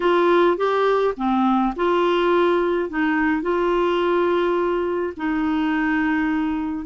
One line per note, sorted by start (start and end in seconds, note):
0.00 0.57 F4
0.57 1.14 G4
1.17 1.74 C4
1.76 2.89 F4
2.89 3.42 D#4
3.42 5.13 F4
5.16 6.85 D#4